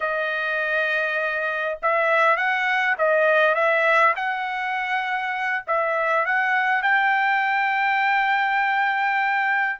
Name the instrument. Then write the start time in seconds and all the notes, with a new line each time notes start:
trumpet
0.00 D#5
1.82 E5
2.36 F#5
2.97 D#5
3.54 E5
4.16 F#5
5.67 E5
6.25 F#5
6.82 G5